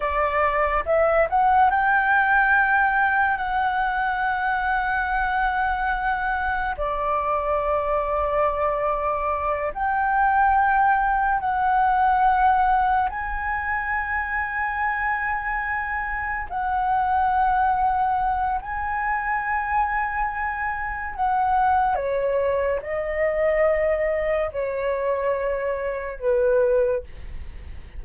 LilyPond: \new Staff \with { instrumentName = "flute" } { \time 4/4 \tempo 4 = 71 d''4 e''8 fis''8 g''2 | fis''1 | d''2.~ d''8 g''8~ | g''4. fis''2 gis''8~ |
gis''2.~ gis''8 fis''8~ | fis''2 gis''2~ | gis''4 fis''4 cis''4 dis''4~ | dis''4 cis''2 b'4 | }